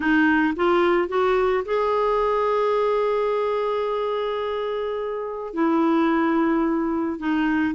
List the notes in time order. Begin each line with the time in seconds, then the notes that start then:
0.00 D#4
0.56 F4
1.08 F#4
1.65 G#4
5.53 E4
7.19 D#4